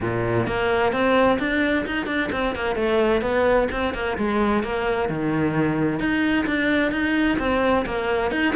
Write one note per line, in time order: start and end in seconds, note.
0.00 0.46 A#2
0.46 0.92 A#3
0.92 1.38 C4
1.39 1.85 D4
1.86 2.06 D#4
2.06 2.29 D4
2.32 2.55 C4
2.55 2.75 A#3
2.75 3.21 A3
3.21 3.67 B3
3.71 3.94 C4
3.94 4.17 A#3
4.17 4.63 G#3
4.63 5.09 A#3
5.09 5.99 D#3
5.99 6.45 D#4
6.46 6.91 D4
6.91 7.37 D#4
7.38 7.85 C4
7.85 8.31 A#3
8.31 8.54 D#4